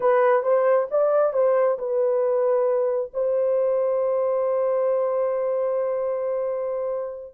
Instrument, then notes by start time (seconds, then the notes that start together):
horn
0.00 B4
0.42 C5
0.91 D5
1.33 C5
1.78 B4
3.13 C5